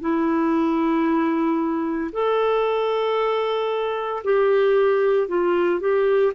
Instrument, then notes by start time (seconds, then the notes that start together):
clarinet
0.00 E4
2.12 A4
4.23 G4
5.28 F4
5.79 G4